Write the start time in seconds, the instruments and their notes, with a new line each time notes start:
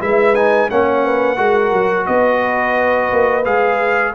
0.00 tuba G#3, trombone E4, horn B4, trumpet E5
0.35 trombone D#4, trumpet G#5
0.70 tuba A#3, trombone C#4, horn C#5, trumpet F#5
1.05 horn B4
1.37 tuba G#3, trombone F#4, horn A#4
1.73 tuba F#3
2.06 tuba B3, horn B4, trumpet D#5
3.12 tuba A#3
3.45 tuba G#3, trombone G#4, trumpet F5